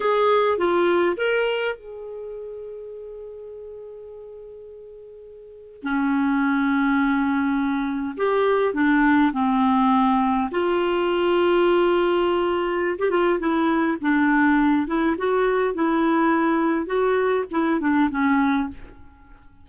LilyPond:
\new Staff \with { instrumentName = "clarinet" } { \time 4/4 \tempo 4 = 103 gis'4 f'4 ais'4 gis'4~ | gis'1~ | gis'2 cis'2~ | cis'2 g'4 d'4 |
c'2 f'2~ | f'2~ f'16 g'16 f'8 e'4 | d'4. e'8 fis'4 e'4~ | e'4 fis'4 e'8 d'8 cis'4 | }